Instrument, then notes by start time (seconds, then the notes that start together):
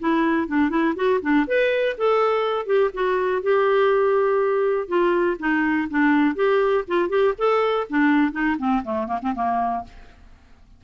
clarinet
0.00 E4
0.48 D4
0.70 E4
0.96 F#4
1.22 D4
1.48 B4
1.98 A4
2.66 G4
2.94 F#4
3.43 G4
4.88 F4
5.39 D#4
5.90 D4
6.35 G4
6.88 F4
7.10 G4
7.38 A4
7.90 D4
8.32 D#4
8.59 C4
8.84 A3
9.07 A#3
9.22 C4
9.35 A#3